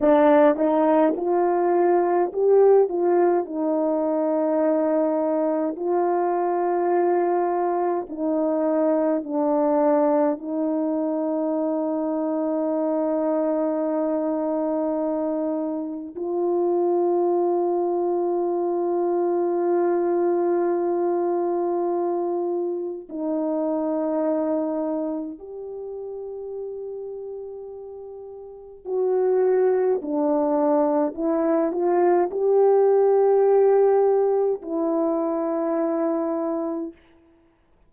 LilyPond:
\new Staff \with { instrumentName = "horn" } { \time 4/4 \tempo 4 = 52 d'8 dis'8 f'4 g'8 f'8 dis'4~ | dis'4 f'2 dis'4 | d'4 dis'2.~ | dis'2 f'2~ |
f'1 | dis'2 g'2~ | g'4 fis'4 d'4 e'8 f'8 | g'2 e'2 | }